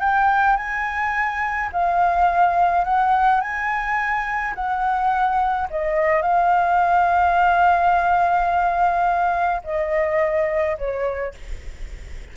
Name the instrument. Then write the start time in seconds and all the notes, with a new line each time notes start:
flute
0.00 G5
0.57 G#5
1.73 F5
2.85 F#5
3.41 G#5
4.55 F#5
5.71 D#5
6.22 F5
9.64 D#5
10.78 C#5